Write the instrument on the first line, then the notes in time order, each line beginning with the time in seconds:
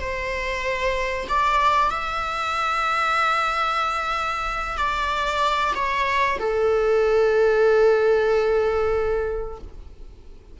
viola
0.00 C5
1.28 D5
1.90 E5
4.77 D5
5.75 C#5
6.39 A4